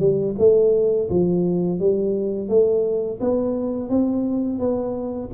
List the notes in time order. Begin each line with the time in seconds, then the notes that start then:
0.00 G3
0.39 A3
1.10 F3
1.80 G3
2.49 A3
3.21 B3
3.90 C4
4.59 B3